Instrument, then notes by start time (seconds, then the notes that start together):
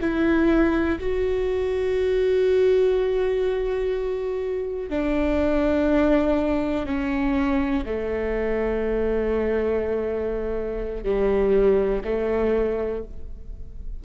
viola
0.00 E4
0.99 F#4
4.89 D4
6.85 C#4
7.85 A3
11.04 G3
12.04 A3